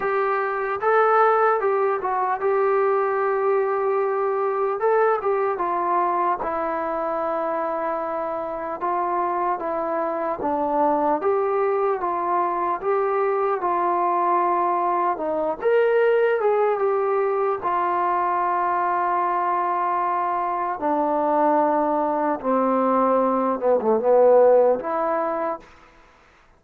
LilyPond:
\new Staff \with { instrumentName = "trombone" } { \time 4/4 \tempo 4 = 75 g'4 a'4 g'8 fis'8 g'4~ | g'2 a'8 g'8 f'4 | e'2. f'4 | e'4 d'4 g'4 f'4 |
g'4 f'2 dis'8 ais'8~ | ais'8 gis'8 g'4 f'2~ | f'2 d'2 | c'4. b16 a16 b4 e'4 | }